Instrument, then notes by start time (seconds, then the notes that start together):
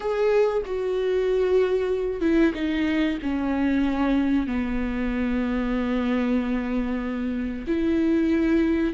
viola
0.00 G#4
0.65 F#4
2.21 E4
2.54 D#4
3.22 C#4
4.47 B3
7.67 E4